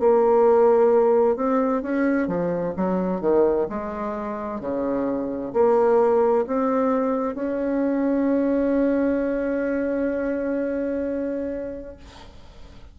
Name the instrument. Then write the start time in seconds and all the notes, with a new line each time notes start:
bassoon
0.00 A#3
1.37 C4
1.83 C#4
2.28 F3
2.77 F#3
3.21 D#3
3.70 G#3
4.61 C#3
5.53 A#3
6.47 C4
7.36 C#4